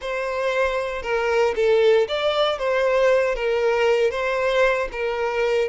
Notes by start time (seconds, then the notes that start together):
0.01 C5
1.02 A#4
1.55 A4
2.08 D5
2.58 C5
3.35 A#4
4.10 C5
4.91 A#4